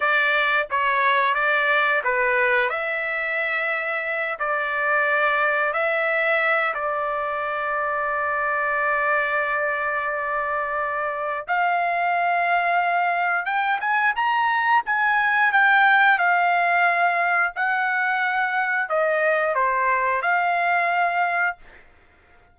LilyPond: \new Staff \with { instrumentName = "trumpet" } { \time 4/4 \tempo 4 = 89 d''4 cis''4 d''4 b'4 | e''2~ e''8 d''4.~ | d''8 e''4. d''2~ | d''1~ |
d''4 f''2. | g''8 gis''8 ais''4 gis''4 g''4 | f''2 fis''2 | dis''4 c''4 f''2 | }